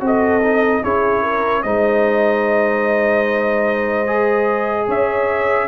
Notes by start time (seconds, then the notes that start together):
0.00 C4 F#4 A4
0.07 D#5
0.42 D#4
0.82 C#4 E4 G#4 C#5
1.22 A#4
1.63 G#3 D#4 C5 D#5
4.07 G#4
4.87 C#4 C#5 E5